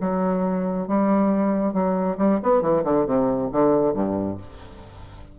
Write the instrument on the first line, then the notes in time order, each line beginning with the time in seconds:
bassoon
0.00 F#3
0.87 G3
1.73 F#3
2.17 G3
2.42 B3
2.61 E3
2.84 D3
3.06 C3
3.52 D3
3.93 G2